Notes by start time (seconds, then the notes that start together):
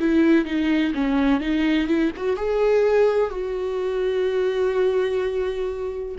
0.00 E4
0.46 D#4
0.95 C#4
1.41 D#4
1.88 E4
2.17 F#4
2.37 G#4
3.31 F#4